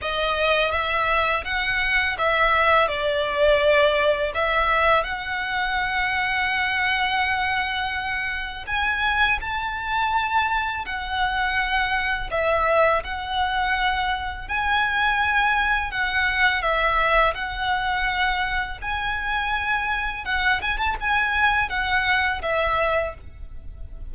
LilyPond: \new Staff \with { instrumentName = "violin" } { \time 4/4 \tempo 4 = 83 dis''4 e''4 fis''4 e''4 | d''2 e''4 fis''4~ | fis''1 | gis''4 a''2 fis''4~ |
fis''4 e''4 fis''2 | gis''2 fis''4 e''4 | fis''2 gis''2 | fis''8 gis''16 a''16 gis''4 fis''4 e''4 | }